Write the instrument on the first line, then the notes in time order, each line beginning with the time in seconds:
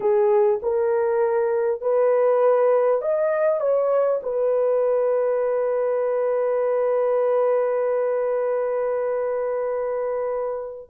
horn
0.00 G#4
0.62 A#4
1.81 B4
3.01 D#5
3.60 C#5
4.22 B4